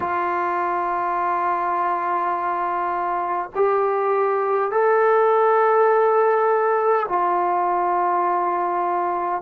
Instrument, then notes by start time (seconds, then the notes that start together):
trombone
0.00 F4
3.55 G4
4.71 A4
7.08 F4